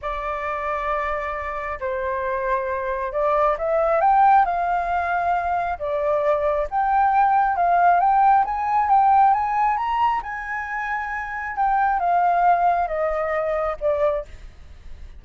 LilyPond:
\new Staff \with { instrumentName = "flute" } { \time 4/4 \tempo 4 = 135 d''1 | c''2. d''4 | e''4 g''4 f''2~ | f''4 d''2 g''4~ |
g''4 f''4 g''4 gis''4 | g''4 gis''4 ais''4 gis''4~ | gis''2 g''4 f''4~ | f''4 dis''2 d''4 | }